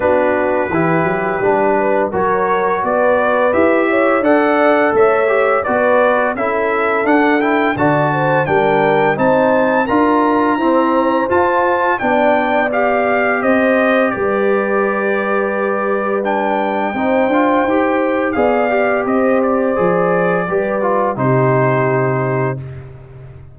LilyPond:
<<
  \new Staff \with { instrumentName = "trumpet" } { \time 4/4 \tempo 4 = 85 b'2. cis''4 | d''4 e''4 fis''4 e''4 | d''4 e''4 fis''8 g''8 a''4 | g''4 a''4 ais''2 |
a''4 g''4 f''4 dis''4 | d''2. g''4~ | g''2 f''4 dis''8 d''8~ | d''2 c''2 | }
  \new Staff \with { instrumentName = "horn" } { \time 4/4 fis'4 g'4. b'8 ais'4 | b'4. cis''8 d''4 cis''4 | b'4 a'2 d''8 c''8 | ais'4 c''4 ais'4 c''4~ |
c''4 d''2 c''4 | b'1 | c''2 d''4 c''4~ | c''4 b'4 g'2 | }
  \new Staff \with { instrumentName = "trombone" } { \time 4/4 d'4 e'4 d'4 fis'4~ | fis'4 g'4 a'4. g'8 | fis'4 e'4 d'8 e'8 fis'4 | d'4 dis'4 f'4 c'4 |
f'4 d'4 g'2~ | g'2. d'4 | dis'8 f'8 g'4 gis'8 g'4. | gis'4 g'8 f'8 dis'2 | }
  \new Staff \with { instrumentName = "tuba" } { \time 4/4 b4 e8 fis8 g4 fis4 | b4 e'4 d'4 a4 | b4 cis'4 d'4 d4 | g4 c'4 d'4 e'4 |
f'4 b2 c'4 | g1 | c'8 d'8 dis'4 b4 c'4 | f4 g4 c2 | }
>>